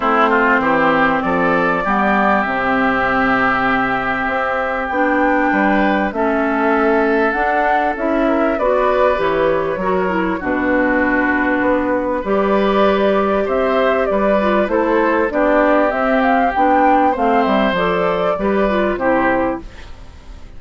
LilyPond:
<<
  \new Staff \with { instrumentName = "flute" } { \time 4/4 \tempo 4 = 98 c''2 d''2 | e''1 | g''2 e''2 | fis''4 e''4 d''4 cis''4~ |
cis''4 b'2. | d''2 e''4 d''4 | c''4 d''4 e''8 f''8 g''4 | f''8 e''8 d''2 c''4 | }
  \new Staff \with { instrumentName = "oboe" } { \time 4/4 e'8 f'8 g'4 a'4 g'4~ | g'1~ | g'4 b'4 a'2~ | a'4. ais'8 b'2 |
ais'4 fis'2. | b'2 c''4 b'4 | a'4 g'2. | c''2 b'4 g'4 | }
  \new Staff \with { instrumentName = "clarinet" } { \time 4/4 c'2. b4 | c'1 | d'2 cis'2 | d'4 e'4 fis'4 g'4 |
fis'8 e'8 d'2. | g'2.~ g'8 f'8 | e'4 d'4 c'4 d'4 | c'4 a'4 g'8 f'8 e'4 | }
  \new Staff \with { instrumentName = "bassoon" } { \time 4/4 a4 e4 f4 g4 | c2. c'4 | b4 g4 a2 | d'4 cis'4 b4 e4 |
fis4 b,2 b4 | g2 c'4 g4 | a4 b4 c'4 b4 | a8 g8 f4 g4 c4 | }
>>